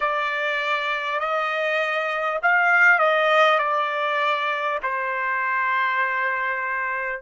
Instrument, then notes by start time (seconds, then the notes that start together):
trumpet
0.00 D5
1.19 D#5
2.42 F5
2.98 D#5
3.58 D5
4.83 C5